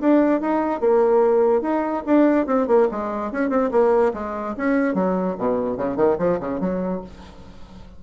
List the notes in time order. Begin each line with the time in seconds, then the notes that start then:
0.00 D4
0.41 D#4
0.80 A#3
1.61 D#4
2.06 D4
2.46 C4
2.67 A#3
2.91 G#3
3.32 C#4
3.50 C4
3.71 A#3
4.13 G#3
4.57 C#4
4.94 F#3
5.38 B2
5.77 C#3
5.96 D#3
6.18 F3
6.40 C#3
6.60 F#3